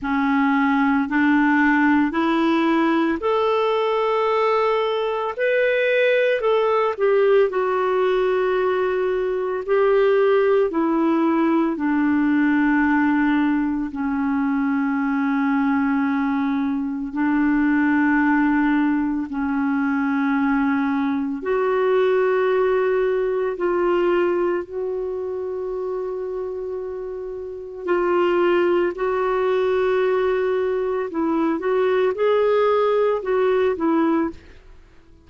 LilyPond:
\new Staff \with { instrumentName = "clarinet" } { \time 4/4 \tempo 4 = 56 cis'4 d'4 e'4 a'4~ | a'4 b'4 a'8 g'8 fis'4~ | fis'4 g'4 e'4 d'4~ | d'4 cis'2. |
d'2 cis'2 | fis'2 f'4 fis'4~ | fis'2 f'4 fis'4~ | fis'4 e'8 fis'8 gis'4 fis'8 e'8 | }